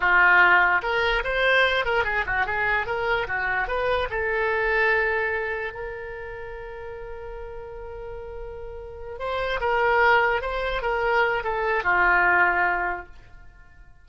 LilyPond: \new Staff \with { instrumentName = "oboe" } { \time 4/4 \tempo 4 = 147 f'2 ais'4 c''4~ | c''8 ais'8 gis'8 fis'8 gis'4 ais'4 | fis'4 b'4 a'2~ | a'2 ais'2~ |
ais'1~ | ais'2~ ais'8 c''4 ais'8~ | ais'4. c''4 ais'4. | a'4 f'2. | }